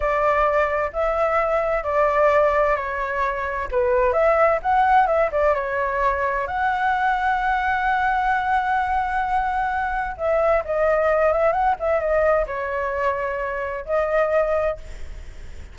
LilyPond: \new Staff \with { instrumentName = "flute" } { \time 4/4 \tempo 4 = 130 d''2 e''2 | d''2 cis''2 | b'4 e''4 fis''4 e''8 d''8 | cis''2 fis''2~ |
fis''1~ | fis''2 e''4 dis''4~ | dis''8 e''8 fis''8 e''8 dis''4 cis''4~ | cis''2 dis''2 | }